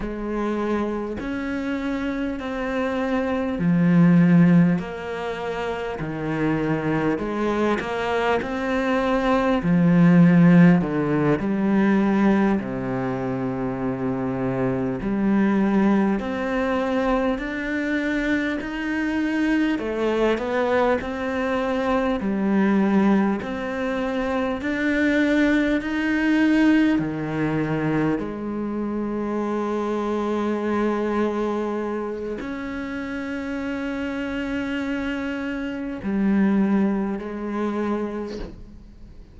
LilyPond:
\new Staff \with { instrumentName = "cello" } { \time 4/4 \tempo 4 = 50 gis4 cis'4 c'4 f4 | ais4 dis4 gis8 ais8 c'4 | f4 d8 g4 c4.~ | c8 g4 c'4 d'4 dis'8~ |
dis'8 a8 b8 c'4 g4 c'8~ | c'8 d'4 dis'4 dis4 gis8~ | gis2. cis'4~ | cis'2 g4 gis4 | }